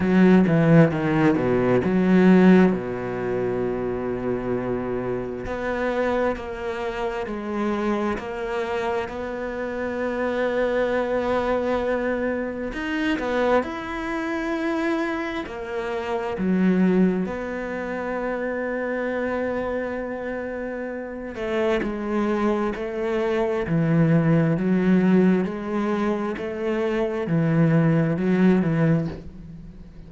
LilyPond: \new Staff \with { instrumentName = "cello" } { \time 4/4 \tempo 4 = 66 fis8 e8 dis8 b,8 fis4 b,4~ | b,2 b4 ais4 | gis4 ais4 b2~ | b2 dis'8 b8 e'4~ |
e'4 ais4 fis4 b4~ | b2.~ b8 a8 | gis4 a4 e4 fis4 | gis4 a4 e4 fis8 e8 | }